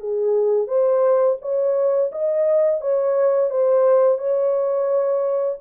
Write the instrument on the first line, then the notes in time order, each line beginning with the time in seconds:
horn
0.00 G#4
0.68 C5
1.41 C#5
2.12 D#5
2.81 C#5
3.50 C5
4.18 C#5